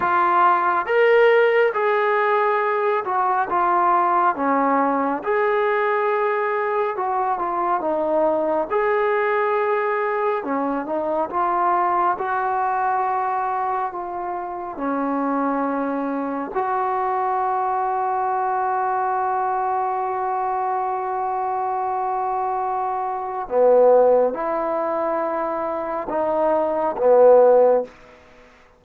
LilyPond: \new Staff \with { instrumentName = "trombone" } { \time 4/4 \tempo 4 = 69 f'4 ais'4 gis'4. fis'8 | f'4 cis'4 gis'2 | fis'8 f'8 dis'4 gis'2 | cis'8 dis'8 f'4 fis'2 |
f'4 cis'2 fis'4~ | fis'1~ | fis'2. b4 | e'2 dis'4 b4 | }